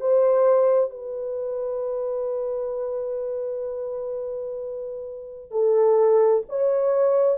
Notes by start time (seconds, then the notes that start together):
0.00 C5
0.90 B4
5.51 A4
6.49 C#5